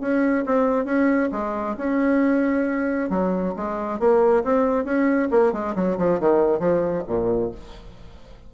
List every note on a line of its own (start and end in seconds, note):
0.00 0.44 C#4
0.46 0.85 C4
0.85 1.29 C#4
1.32 1.76 G#3
1.77 3.10 C#4
3.10 3.54 F#3
3.56 3.99 G#3
3.99 4.43 A#3
4.43 4.84 C4
4.84 5.28 C#4
5.31 5.52 A#3
5.52 5.74 G#3
5.75 5.97 F#3
5.98 6.20 F3
6.20 6.59 D#3
6.59 7.03 F3
7.07 7.51 A#2